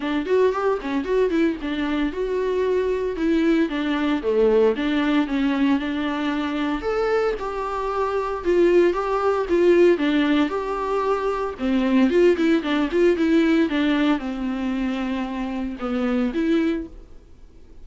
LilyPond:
\new Staff \with { instrumentName = "viola" } { \time 4/4 \tempo 4 = 114 d'8 fis'8 g'8 cis'8 fis'8 e'8 d'4 | fis'2 e'4 d'4 | a4 d'4 cis'4 d'4~ | d'4 a'4 g'2 |
f'4 g'4 f'4 d'4 | g'2 c'4 f'8 e'8 | d'8 f'8 e'4 d'4 c'4~ | c'2 b4 e'4 | }